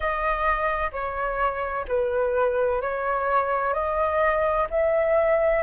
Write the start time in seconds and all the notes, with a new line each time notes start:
0.00 D#5
0.92 C#5
1.87 B4
2.81 C#5
3.73 D#5
4.70 E5